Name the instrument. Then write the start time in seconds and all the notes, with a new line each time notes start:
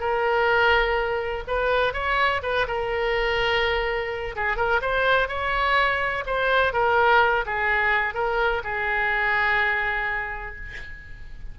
oboe
0.00 A#4
1.47 B4
1.94 C#5
2.43 B4
2.67 A#4
4.36 G#4
4.57 A#4
4.82 C5
5.28 C#5
6.27 C5
6.73 A#4
7.46 G#4
8.14 A#4
8.64 G#4